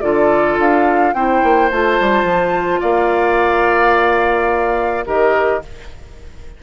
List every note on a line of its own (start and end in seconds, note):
0.00 0.57 D3
0.00 1.14 F4
0.00 1.14 A4
0.00 0.56 D5
0.57 1.13 D4
0.57 1.13 F5
1.13 1.41 C4
1.13 1.70 E4
1.13 2.80 C5
1.13 1.69 G5
1.43 1.71 A#3
1.70 1.99 A3
1.70 5.05 F4
1.70 2.81 A5
1.99 2.23 G3
2.23 2.79 F3
2.80 5.06 A#3
2.80 5.04 D5
2.80 5.05 F5
5.05 5.62 D#3
5.05 5.62 G4
5.05 5.62 A#4
5.05 5.62 D#5